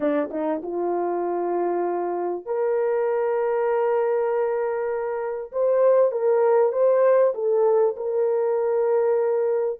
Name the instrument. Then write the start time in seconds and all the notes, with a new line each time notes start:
horn
0.00 D4
0.31 D#4
0.62 F4
2.45 A#4
5.52 C5
6.11 A#4
6.72 C5
7.34 A4
7.96 A#4